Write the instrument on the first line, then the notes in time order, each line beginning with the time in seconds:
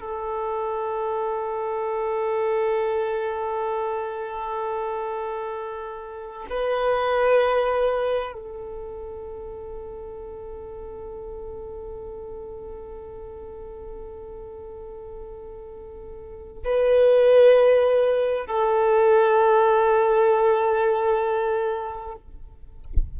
violin
0.00 A4
6.50 B4
8.32 A4
16.64 B4
18.47 A4